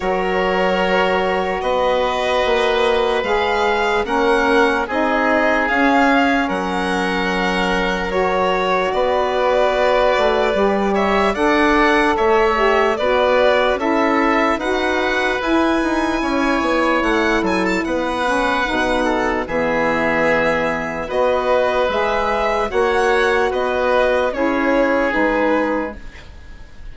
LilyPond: <<
  \new Staff \with { instrumentName = "violin" } { \time 4/4 \tempo 4 = 74 cis''2 dis''2 | f''4 fis''4 dis''4 f''4 | fis''2 cis''4 d''4~ | d''4. e''8 fis''4 e''4 |
d''4 e''4 fis''4 gis''4~ | gis''4 fis''8 gis''16 a''16 fis''2 | e''2 dis''4 e''4 | fis''4 dis''4 cis''4 b'4 | }
  \new Staff \with { instrumentName = "oboe" } { \time 4/4 ais'2 b'2~ | b'4 ais'4 gis'2 | ais'2. b'4~ | b'4. cis''8 d''4 cis''4 |
b'4 a'4 b'2 | cis''4. a'8 b'4. a'8 | gis'2 b'2 | cis''4 b'4 gis'2 | }
  \new Staff \with { instrumentName = "saxophone" } { \time 4/4 fis'1 | gis'4 cis'4 dis'4 cis'4~ | cis'2 fis'2~ | fis'4 g'4 a'4. g'8 |
fis'4 e'4 fis'4 e'4~ | e'2~ e'8 cis'8 dis'4 | b2 fis'4 gis'4 | fis'2 e'4 dis'4 | }
  \new Staff \with { instrumentName = "bassoon" } { \time 4/4 fis2 b4 ais4 | gis4 ais4 c'4 cis'4 | fis2. b4~ | b8 a8 g4 d'4 a4 |
b4 cis'4 dis'4 e'8 dis'8 | cis'8 b8 a8 fis8 b4 b,4 | e2 b4 gis4 | ais4 b4 cis'4 gis4 | }
>>